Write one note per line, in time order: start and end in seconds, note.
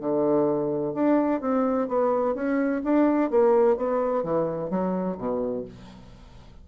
0.00 0.94 D3
0.94 1.40 D4
1.40 1.88 C4
1.88 2.35 B3
2.35 2.82 C#4
2.84 3.30 D4
3.30 3.77 A#3
3.77 4.23 B3
4.23 4.70 E3
4.70 5.17 F#3
5.18 5.65 B2